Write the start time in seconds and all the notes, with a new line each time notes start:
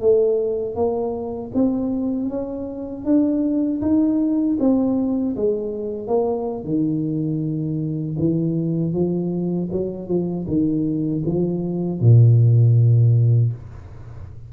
0.00 A3
0.75 A#3
1.54 C4
2.29 C#4
3.05 D4
3.81 D#4
4.59 C4
5.36 G#3
6.07 A#3
6.64 D#3
8.19 E3
8.93 F3
9.72 F#3
10.08 F3
10.47 D#3
11.25 F3
12.00 A#2